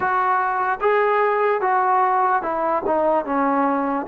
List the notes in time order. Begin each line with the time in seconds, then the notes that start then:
0.00 F#4
0.80 G#4
1.61 F#4
2.42 E4
2.86 D#4
3.25 C#4